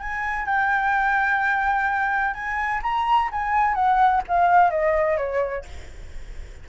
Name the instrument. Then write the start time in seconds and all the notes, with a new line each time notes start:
flute
0.00 G#5
0.46 G5
2.34 G#5
2.83 A#5
3.32 G#5
3.75 F#5
4.28 F5
4.71 D#5
5.18 C#5